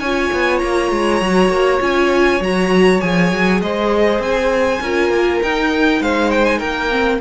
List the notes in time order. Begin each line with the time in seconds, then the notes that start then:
0.00 C#4 F4 C#5 G#5
0.33 B3
0.59 A#3 A#5
0.92 G#3
1.22 F#3 F#4
1.50 A#3
1.81 C#4 F4 G#5
2.41 F#3 F#4 A#5
3.01 F3 G#4 G#5
3.32 F#3
3.62 G#3 C5 D#5
4.20 C4 G#5
4.81 C#4 F4 A#4
5.10 A#3
5.43 D#4 G5
6.01 G#3 C5 F5
6.31 G5
6.46 G#5
6.59 A#3 A#4 G5
6.91 C4